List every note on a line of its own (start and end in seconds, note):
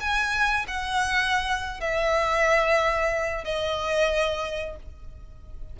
0.00 0.66 G#5
0.68 1.80 F#5
1.80 3.44 E5
3.44 4.76 D#5